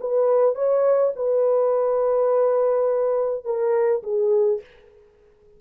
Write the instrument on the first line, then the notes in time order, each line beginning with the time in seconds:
horn
0.00 B4
0.55 C#5
1.15 B4
3.44 A#4
4.03 G#4